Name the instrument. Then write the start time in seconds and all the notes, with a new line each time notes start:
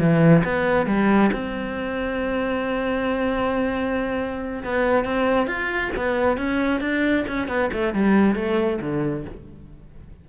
cello
0.00 E3
0.45 B3
0.87 G3
1.33 C4
4.64 B3
5.05 C4
5.47 F4
5.97 B3
6.38 C#4
6.81 D4
7.28 C#4
7.48 B3
7.74 A3
7.94 G3
8.36 A3
8.81 D3